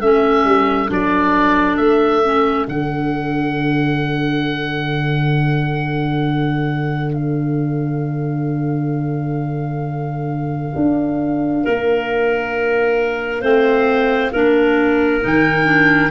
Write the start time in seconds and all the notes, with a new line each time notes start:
0.00 A3 C#4 A4 E5
0.44 G3
0.87 F#3 D4 D5
1.77 A3 E5
2.24 C#4
2.68 D3 D4 F#5
7.13 F5
10.76 D4
11.63 A#3 A#4
13.41 A3 C4 C5
14.32 A#3 D4 A#4
15.21 D#3 D#4 G5
15.65 D4